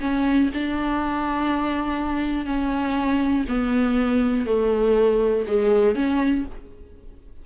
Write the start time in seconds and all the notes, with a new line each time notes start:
0.00 C#4
0.54 D4
2.45 C#4
3.48 B3
4.46 A3
5.47 G#3
5.95 C#4